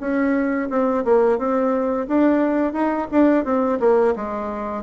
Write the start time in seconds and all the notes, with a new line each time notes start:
0.00 C#4
0.70 C4
1.04 A#3
1.38 C4
2.08 D4
2.73 D#4
3.11 D4
3.44 C4
3.80 A#3
4.16 G#3